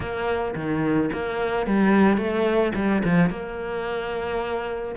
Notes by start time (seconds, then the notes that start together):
0.00 A#3
0.55 D#3
1.13 A#3
1.66 G3
2.17 A3
2.74 G3
3.04 F3
3.30 A#3